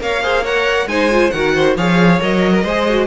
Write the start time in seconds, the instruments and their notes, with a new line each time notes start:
0.00 cello A#3, viola A#4, violin C#5 F5
0.23 viola G#4, violin C5
0.43 viola A#4, violin C#5 F#5
0.86 cello G#3, viola D#4, violin C5 G#5
1.11 viola F4
1.31 cello D#3, viola F#4, violin A#4 F#5
1.55 violin C5
1.76 cello F3, viola G#4, violin C#5 F5
2.21 cello F#3, viola A#4, violin D#5
2.53 violin A#4
2.63 cello G#3, viola G#4, violin C5
2.89 viola F#4